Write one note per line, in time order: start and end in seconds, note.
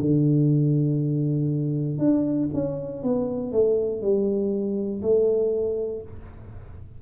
0.00 1.98 D3
1.98 2.48 D4
2.54 3.03 C#4
3.03 3.52 B3
3.52 4.01 A3
4.01 5.01 G3
5.02 6.02 A3